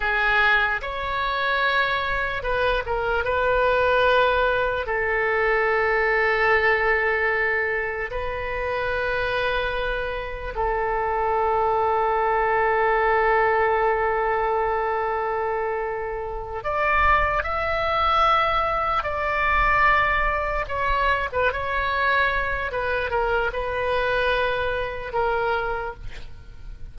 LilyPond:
\new Staff \with { instrumentName = "oboe" } { \time 4/4 \tempo 4 = 74 gis'4 cis''2 b'8 ais'8 | b'2 a'2~ | a'2 b'2~ | b'4 a'2.~ |
a'1~ | a'8 d''4 e''2 d''8~ | d''4. cis''8. b'16 cis''4. | b'8 ais'8 b'2 ais'4 | }